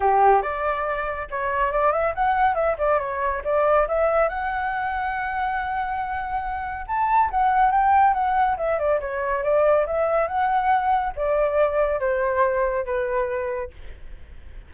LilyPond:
\new Staff \with { instrumentName = "flute" } { \time 4/4 \tempo 4 = 140 g'4 d''2 cis''4 | d''8 e''8 fis''4 e''8 d''8 cis''4 | d''4 e''4 fis''2~ | fis''1 |
a''4 fis''4 g''4 fis''4 | e''8 d''8 cis''4 d''4 e''4 | fis''2 d''2 | c''2 b'2 | }